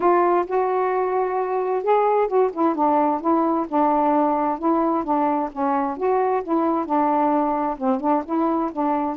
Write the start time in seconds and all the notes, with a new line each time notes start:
0.00 F4
0.46 F#4
1.83 G#4
2.27 F#4
2.52 E4
2.75 D4
3.20 E4
3.68 D4
4.58 E4
5.03 D4
5.52 C#4
5.97 F#4
6.43 E4
6.85 D4
7.77 C4
8.00 D4
8.25 E4
8.71 D4